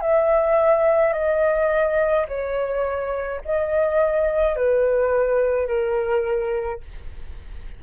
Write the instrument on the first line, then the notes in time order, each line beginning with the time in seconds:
flute
0.00 E5
1.12 D#5
2.28 C#5
3.44 D#5
4.56 B4
5.67 A#4